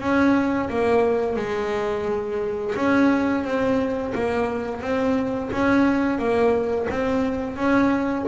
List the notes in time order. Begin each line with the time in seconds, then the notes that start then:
0.00 C#4
0.69 A#3
1.36 G#3
2.76 C#4
3.44 C4
4.15 A#3
4.82 C4
5.52 C#4
6.18 A#3
6.90 C4
7.56 C#4